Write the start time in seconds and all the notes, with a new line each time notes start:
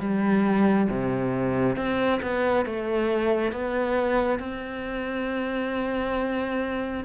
0.00 G3
0.90 C3
1.76 C4
2.23 B3
2.66 A3
3.52 B3
4.40 C4